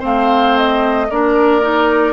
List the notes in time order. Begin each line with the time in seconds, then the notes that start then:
0.00 A3 C4 C5 F5
0.58 D#5
1.10 A#3 D4 A#4 D5
1.62 D#4